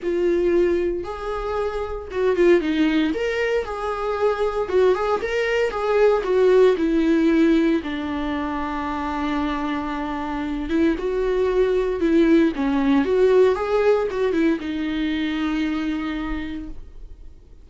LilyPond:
\new Staff \with { instrumentName = "viola" } { \time 4/4 \tempo 4 = 115 f'2 gis'2 | fis'8 f'8 dis'4 ais'4 gis'4~ | gis'4 fis'8 gis'8 ais'4 gis'4 | fis'4 e'2 d'4~ |
d'1~ | d'8 e'8 fis'2 e'4 | cis'4 fis'4 gis'4 fis'8 e'8 | dis'1 | }